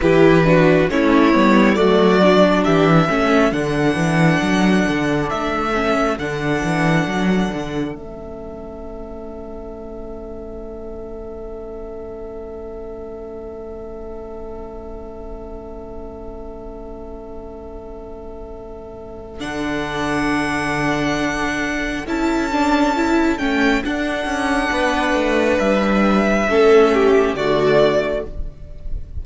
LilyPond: <<
  \new Staff \with { instrumentName = "violin" } { \time 4/4 \tempo 4 = 68 b'4 cis''4 d''4 e''4 | fis''2 e''4 fis''4~ | fis''4 e''2.~ | e''1~ |
e''1~ | e''2 fis''2~ | fis''4 a''4. g''8 fis''4~ | fis''4 e''2 d''4 | }
  \new Staff \with { instrumentName = "violin" } { \time 4/4 g'8 fis'8 e'4 fis'4 g'8 a'8~ | a'1~ | a'1~ | a'1~ |
a'1~ | a'1~ | a'1 | b'2 a'8 g'8 fis'4 | }
  \new Staff \with { instrumentName = "viola" } { \time 4/4 e'8 d'8 cis'8 b8 a8 d'4 cis'8 | d'2~ d'8 cis'8 d'4~ | d'4 cis'2.~ | cis'1~ |
cis'1~ | cis'2 d'2~ | d'4 e'8 d'8 e'8 cis'8 d'4~ | d'2 cis'4 a4 | }
  \new Staff \with { instrumentName = "cello" } { \time 4/4 e4 a8 g8 fis4 e8 a8 | d8 e8 fis8 d8 a4 d8 e8 | fis8 d8 a2.~ | a1~ |
a1~ | a2 d2~ | d4 cis'4. a8 d'8 cis'8 | b8 a8 g4 a4 d4 | }
>>